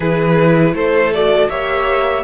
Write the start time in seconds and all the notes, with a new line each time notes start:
0.00 E3 E4 G#4 B4
0.73 A3 A4 C5
1.14 F#4 D5
1.49 A#3 G4 C#5 E5